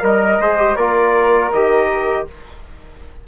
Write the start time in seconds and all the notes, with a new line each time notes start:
0.00 G3 A#4 D#5
0.39 G#3 G#4 C5
0.58 G4
0.75 A#3 F4 A#4 D5
1.52 D#3 G4 D#5